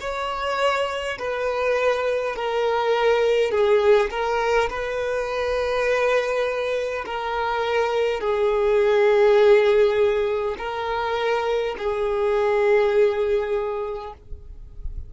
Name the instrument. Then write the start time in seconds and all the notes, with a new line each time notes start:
violin
0.00 C#5
1.18 B4
2.35 A#4
3.51 G#4
4.10 A#4
4.69 B4
7.05 A#4
8.20 G#4
10.58 A#4
11.78 G#4